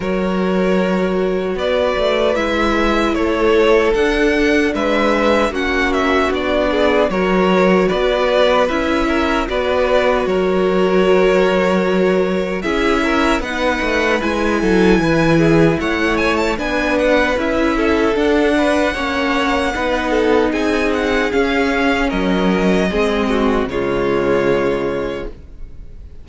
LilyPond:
<<
  \new Staff \with { instrumentName = "violin" } { \time 4/4 \tempo 4 = 76 cis''2 d''4 e''4 | cis''4 fis''4 e''4 fis''8 e''8 | d''4 cis''4 d''4 e''4 | d''4 cis''2. |
e''4 fis''4 gis''2 | fis''8 gis''16 a''16 gis''8 fis''8 e''4 fis''4~ | fis''2 gis''8 fis''8 f''4 | dis''2 cis''2 | }
  \new Staff \with { instrumentName = "violin" } { \time 4/4 ais'2 b'2 | a'2 b'4 fis'4~ | fis'8 gis'8 ais'4 b'4. ais'8 | b'4 ais'2. |
gis'8 ais'8 b'4. a'8 b'8 gis'8 | cis''4 b'4. a'4 b'8 | cis''4 b'8 a'8 gis'2 | ais'4 gis'8 fis'8 f'2 | }
  \new Staff \with { instrumentName = "viola" } { \time 4/4 fis'2. e'4~ | e'4 d'2 cis'4 | d'4 fis'2 e'4 | fis'1 |
e'4 dis'4 e'2~ | e'4 d'4 e'4 d'4 | cis'4 dis'2 cis'4~ | cis'4 c'4 gis2 | }
  \new Staff \with { instrumentName = "cello" } { \time 4/4 fis2 b8 a8 gis4 | a4 d'4 gis4 ais4 | b4 fis4 b4 cis'4 | b4 fis2. |
cis'4 b8 a8 gis8 fis8 e4 | a4 b4 cis'4 d'4 | ais4 b4 c'4 cis'4 | fis4 gis4 cis2 | }
>>